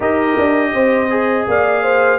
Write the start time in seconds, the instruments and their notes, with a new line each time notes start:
0.00 tuba D#4, trombone G4, horn A#4, trumpet D#5
0.38 tuba D4
0.73 tuba C4, horn C5
1.10 trombone G#4
1.47 tuba A#3, horn D5, trumpet F5
1.82 horn C5